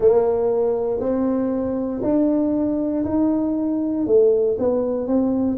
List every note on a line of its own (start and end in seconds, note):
0.00 0.99 A#3
0.99 2.01 C4
2.02 3.04 D4
3.05 4.06 D#4
4.06 4.57 A3
4.58 5.07 B3
5.07 5.57 C4